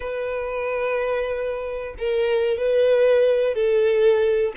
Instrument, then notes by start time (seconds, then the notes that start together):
violin
0.00 B4
1.98 A#4
2.57 B4
3.54 A4